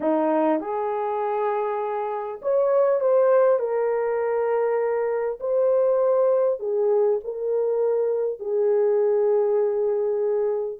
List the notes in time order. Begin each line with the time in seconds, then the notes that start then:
0.00 D#4
0.60 G#4
2.42 C#5
3.00 C5
3.59 A#4
5.39 C5
6.59 G#4
7.24 A#4
8.39 G#4